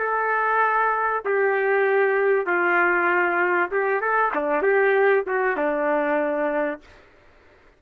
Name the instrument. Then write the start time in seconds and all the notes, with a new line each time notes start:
trumpet
0.00 A4
1.26 G4
2.47 F4
3.72 G4
4.01 A4
4.35 D4
4.63 G4
5.27 F#4
5.57 D4